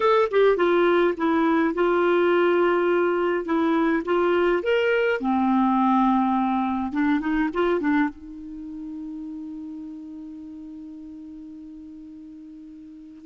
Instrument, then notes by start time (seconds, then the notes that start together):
clarinet
0.00 A4
0.31 G4
0.56 F4
1.17 E4
1.74 F4
3.45 E4
4.05 F4
4.63 A#4
5.20 C4
6.92 D4
7.20 D#4
7.53 F4
7.80 D4
8.09 D#4